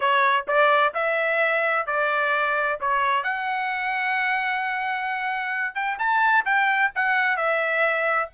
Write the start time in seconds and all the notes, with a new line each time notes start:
0.00 C#5
0.47 D5
0.94 E5
1.86 D5
2.80 C#5
3.23 F#5
5.74 G5
5.98 A5
6.45 G5
6.95 F#5
7.36 E5